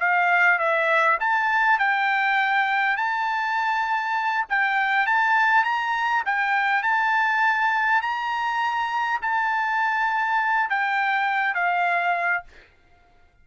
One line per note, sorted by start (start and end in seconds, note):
0.00 0.59 F5
0.59 1.19 E5
1.20 1.79 A5
1.79 2.97 G5
2.97 4.46 A5
4.50 5.07 G5
5.07 5.64 A5
5.64 6.24 A#5
6.26 6.83 G5
6.83 8.02 A5
8.02 9.21 A#5
9.22 10.70 A5
10.70 11.55 G5
11.55 12.44 F5